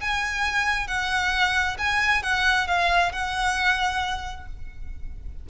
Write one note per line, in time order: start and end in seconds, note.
0.00 0.87 G#5
0.87 1.77 F#5
1.78 2.22 G#5
2.22 2.67 F#5
2.67 3.12 F5
3.12 4.46 F#5